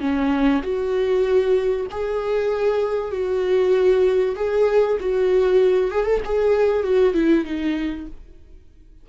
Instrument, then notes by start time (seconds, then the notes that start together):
viola
0.00 C#4
0.62 F#4
1.90 G#4
3.11 F#4
4.35 G#4
5.00 F#4
5.91 G#4
6.05 A4
6.25 G#4
6.83 F#4
7.13 E4
7.45 D#4